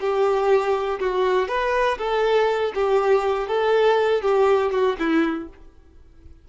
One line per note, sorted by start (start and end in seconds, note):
0.00 0.99 G4
1.00 1.48 F#4
1.48 1.97 B4
1.98 2.72 A4
2.74 3.48 G4
3.48 4.22 A4
4.22 4.71 G4
4.71 4.96 F#4
4.99 5.48 E4